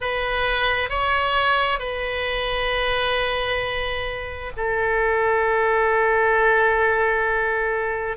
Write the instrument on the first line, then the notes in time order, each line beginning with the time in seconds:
oboe
0.00 B4
0.89 C#5
1.79 B4
4.56 A4